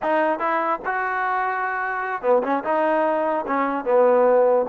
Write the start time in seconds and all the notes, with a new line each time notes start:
0.02 D#4
0.39 E4
0.85 F#4
2.21 B3
2.43 C#4
2.64 D#4
3.46 C#4
3.84 B3